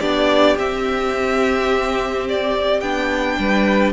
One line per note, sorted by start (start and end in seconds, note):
0.00 0.57 B3
0.00 0.57 D4
0.00 3.36 G4
0.00 0.56 D5
0.57 2.81 C4
0.57 2.82 C4
0.57 2.27 E5
2.29 2.81 D5
2.81 3.38 B3
2.81 3.93 D4
2.81 3.93 G5
3.38 3.93 G3
3.38 3.93 B4